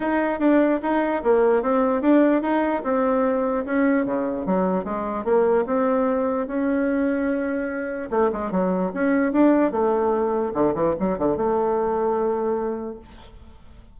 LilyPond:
\new Staff \with { instrumentName = "bassoon" } { \time 4/4 \tempo 4 = 148 dis'4 d'4 dis'4 ais4 | c'4 d'4 dis'4 c'4~ | c'4 cis'4 cis4 fis4 | gis4 ais4 c'2 |
cis'1 | a8 gis8 fis4 cis'4 d'4 | a2 d8 e8 fis8 d8 | a1 | }